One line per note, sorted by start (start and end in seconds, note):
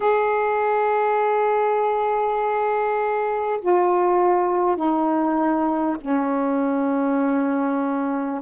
0.00 3.59 G#4
3.61 4.76 F4
4.76 5.96 D#4
6.00 8.40 C#4